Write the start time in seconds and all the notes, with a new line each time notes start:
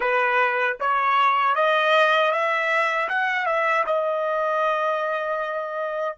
0.00 B4
0.80 C#5
1.55 D#5
2.31 E5
3.08 F#5
3.45 E5
3.86 D#5